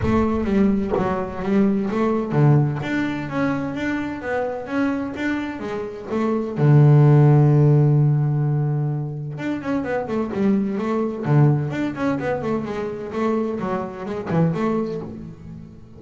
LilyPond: \new Staff \with { instrumentName = "double bass" } { \time 4/4 \tempo 4 = 128 a4 g4 fis4 g4 | a4 d4 d'4 cis'4 | d'4 b4 cis'4 d'4 | gis4 a4 d2~ |
d1 | d'8 cis'8 b8 a8 g4 a4 | d4 d'8 cis'8 b8 a8 gis4 | a4 fis4 gis8 e8 a4 | }